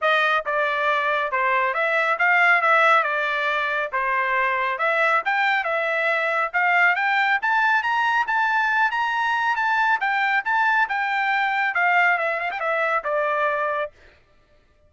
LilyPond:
\new Staff \with { instrumentName = "trumpet" } { \time 4/4 \tempo 4 = 138 dis''4 d''2 c''4 | e''4 f''4 e''4 d''4~ | d''4 c''2 e''4 | g''4 e''2 f''4 |
g''4 a''4 ais''4 a''4~ | a''8 ais''4. a''4 g''4 | a''4 g''2 f''4 | e''8 f''16 g''16 e''4 d''2 | }